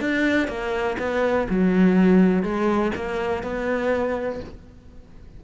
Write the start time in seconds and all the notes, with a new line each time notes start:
0.00 D4
0.48 A#3
0.99 B3
1.49 F#3
2.43 G#3
2.95 A#3
3.43 B3